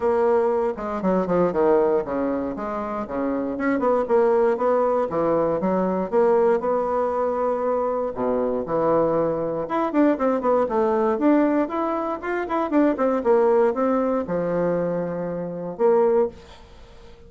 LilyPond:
\new Staff \with { instrumentName = "bassoon" } { \time 4/4 \tempo 4 = 118 ais4. gis8 fis8 f8 dis4 | cis4 gis4 cis4 cis'8 b8 | ais4 b4 e4 fis4 | ais4 b2. |
b,4 e2 e'8 d'8 | c'8 b8 a4 d'4 e'4 | f'8 e'8 d'8 c'8 ais4 c'4 | f2. ais4 | }